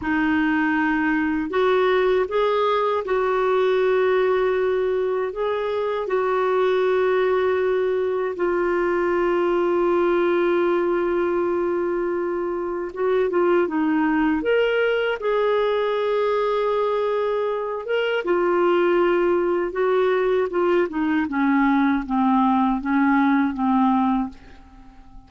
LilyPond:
\new Staff \with { instrumentName = "clarinet" } { \time 4/4 \tempo 4 = 79 dis'2 fis'4 gis'4 | fis'2. gis'4 | fis'2. f'4~ | f'1~ |
f'4 fis'8 f'8 dis'4 ais'4 | gis'2.~ gis'8 ais'8 | f'2 fis'4 f'8 dis'8 | cis'4 c'4 cis'4 c'4 | }